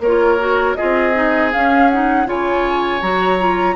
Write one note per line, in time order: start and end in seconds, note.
0.00 0.75 A#3
0.00 0.77 A#4
0.00 0.75 C#5
0.07 0.39 F4
0.39 0.76 F#4
0.75 1.13 F4
0.75 2.27 G#4
0.75 1.50 D#5
0.82 1.55 C4
1.13 1.51 D#4
1.52 1.91 C#4
1.52 2.26 C#4
1.52 1.90 F5
1.90 2.25 D#4
1.90 2.27 F#5
2.25 3.01 C#3
2.25 3.00 F4
2.25 3.75 C#5
2.25 3.02 G#5
3.02 3.75 F#3
3.02 3.39 F#4
3.02 3.75 A#5
3.39 3.75 F4